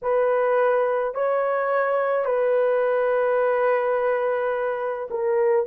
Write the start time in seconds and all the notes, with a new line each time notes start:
0.02 B4
1.14 C#5
2.25 B4
5.10 A#4